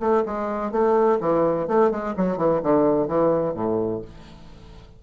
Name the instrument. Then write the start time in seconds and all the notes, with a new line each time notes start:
bassoon
0.00 A3
0.26 G#3
0.72 A3
1.20 E3
1.68 A3
1.91 G#3
2.17 F#3
2.37 E3
2.63 D3
3.08 E3
3.54 A2